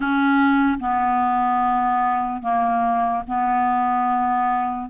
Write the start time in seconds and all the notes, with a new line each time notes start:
0.00 C#4
0.79 B3
2.42 A#3
3.27 B3